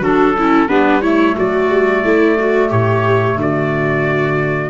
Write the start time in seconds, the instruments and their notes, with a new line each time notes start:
0.00 tuba F#3, clarinet D4, viola F#4, trumpet A4
0.37 clarinet C#4, viola E4
0.68 tuba G3, clarinet B3, viola D4, trumpet B4
1.02 clarinet A3, viola E4, trumpet C#5
1.36 tuba F#3, viola F#4, trumpet D5
1.69 tuba G3
2.04 tuba A3, viola E4
2.39 viola F#4
2.69 tuba A2, viola G4, trumpet C#5
3.35 tuba D3, viola F#4
3.41 trumpet D5